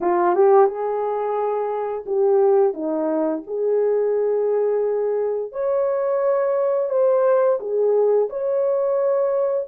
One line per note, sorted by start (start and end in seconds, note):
0.01 0.35 F4
0.35 0.66 G4
0.66 2.04 G#4
2.05 2.73 G4
2.73 3.42 D#4
3.46 5.52 G#4
5.52 6.89 C#5
6.89 7.58 C5
7.60 8.29 G#4
8.29 9.67 C#5